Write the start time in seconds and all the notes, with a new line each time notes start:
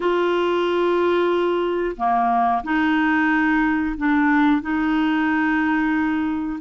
0.00 F4
1.97 A#3
2.63 D#4
3.97 D4
4.61 D#4